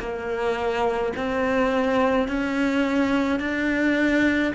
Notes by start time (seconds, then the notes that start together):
0.00 A#3
1.17 C4
2.28 C#4
3.40 D4